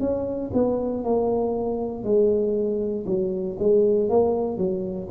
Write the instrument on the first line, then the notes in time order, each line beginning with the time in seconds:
tuba
0.00 C#4
0.54 B3
1.04 A#3
2.04 G#3
3.06 F#3
3.59 G#3
4.10 A#3
4.58 F#3